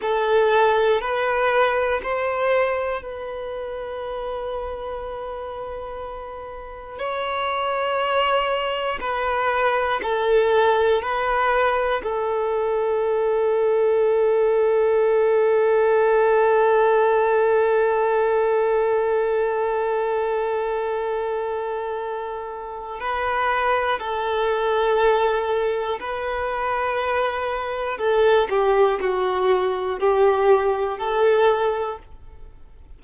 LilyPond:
\new Staff \with { instrumentName = "violin" } { \time 4/4 \tempo 4 = 60 a'4 b'4 c''4 b'4~ | b'2. cis''4~ | cis''4 b'4 a'4 b'4 | a'1~ |
a'1~ | a'2. b'4 | a'2 b'2 | a'8 g'8 fis'4 g'4 a'4 | }